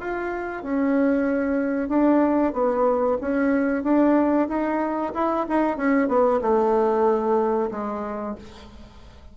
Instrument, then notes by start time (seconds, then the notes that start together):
bassoon
0.00 F4
0.63 C#4
1.89 D4
2.53 B3
3.21 C#4
3.84 D4
4.48 D#4
5.14 E4
5.49 D#4
5.77 C#4
6.08 B3
6.41 A3
7.71 G#3